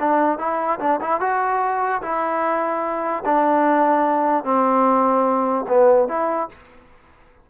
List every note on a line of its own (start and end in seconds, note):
0.00 0.39 D4
0.39 0.79 E4
0.80 1.00 D4
1.01 1.21 E4
1.21 2.02 F#4
2.02 3.24 E4
3.26 4.44 D4
4.44 5.66 C4
5.68 6.09 B3
6.09 6.49 E4